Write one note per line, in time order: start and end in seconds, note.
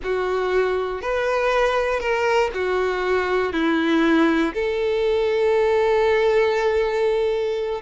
0.03 1.01 F#4
1.01 2.00 B4
2.00 2.50 A#4
2.53 3.52 F#4
3.52 4.53 E4
4.54 7.81 A4